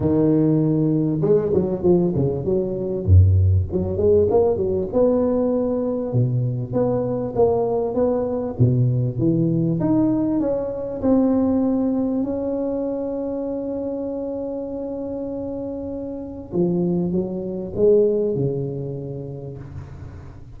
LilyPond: \new Staff \with { instrumentName = "tuba" } { \time 4/4 \tempo 4 = 98 dis2 gis8 fis8 f8 cis8 | fis4 fis,4 fis8 gis8 ais8 fis8 | b2 b,4 b4 | ais4 b4 b,4 e4 |
dis'4 cis'4 c'2 | cis'1~ | cis'2. f4 | fis4 gis4 cis2 | }